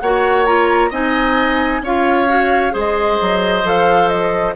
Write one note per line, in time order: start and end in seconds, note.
0.00 0.91 A#3
0.00 0.46 F#4
0.00 0.90 C#5
0.00 0.45 F#5
0.45 0.91 F4
0.45 0.91 A#5
0.90 1.81 C4
0.90 1.82 D#4
0.90 1.81 D#5
0.90 1.84 G#5
1.81 2.72 C#4
1.81 2.28 F4
1.81 2.73 C#5
1.81 2.76 F5
2.28 2.71 F#4
2.71 3.19 G#3
2.71 3.62 G#4
2.71 4.55 C5
2.77 3.68 D#5
3.20 3.64 F#3
3.64 4.55 F3
3.64 4.55 A4
3.64 4.09 F5
4.09 4.54 D#5